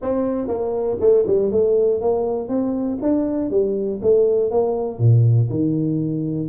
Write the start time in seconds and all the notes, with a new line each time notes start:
0.01 C4
0.47 A#3
1.00 A3
1.26 G3
1.51 A3
2.01 A#3
2.48 C4
3.02 D4
3.50 G3
4.02 A3
4.50 A#3
4.99 A#2
5.50 D#3